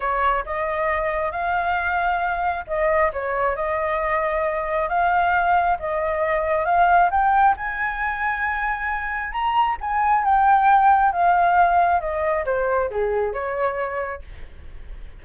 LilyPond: \new Staff \with { instrumentName = "flute" } { \time 4/4 \tempo 4 = 135 cis''4 dis''2 f''4~ | f''2 dis''4 cis''4 | dis''2. f''4~ | f''4 dis''2 f''4 |
g''4 gis''2.~ | gis''4 ais''4 gis''4 g''4~ | g''4 f''2 dis''4 | c''4 gis'4 cis''2 | }